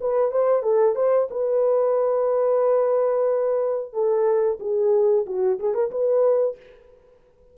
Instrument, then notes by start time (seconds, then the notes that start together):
horn
0.00 B4
0.31 C5
0.62 A4
0.95 C5
1.30 B4
3.93 A4
4.59 G#4
5.26 F#4
5.59 G#4
5.74 A#4
5.90 B4